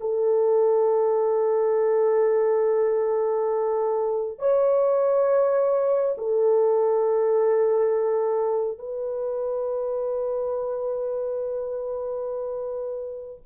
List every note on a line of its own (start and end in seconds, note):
0.00 4.38 A4
4.38 6.15 C#5
6.17 8.78 A4
8.78 13.42 B4